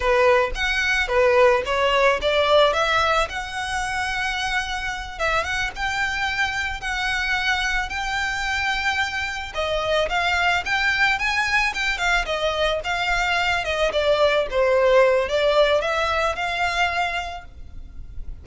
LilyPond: \new Staff \with { instrumentName = "violin" } { \time 4/4 \tempo 4 = 110 b'4 fis''4 b'4 cis''4 | d''4 e''4 fis''2~ | fis''4. e''8 fis''8 g''4.~ | g''8 fis''2 g''4.~ |
g''4. dis''4 f''4 g''8~ | g''8 gis''4 g''8 f''8 dis''4 f''8~ | f''4 dis''8 d''4 c''4. | d''4 e''4 f''2 | }